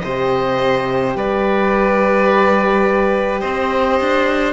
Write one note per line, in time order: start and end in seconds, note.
0.00 1.16 C3
0.00 4.53 G4
0.00 1.17 C5
0.00 1.13 D#5
1.16 3.42 G3
1.16 3.41 B4
1.16 3.41 D5
3.41 4.00 C4
3.41 4.53 C5
3.41 4.53 D#5
4.01 4.53 D4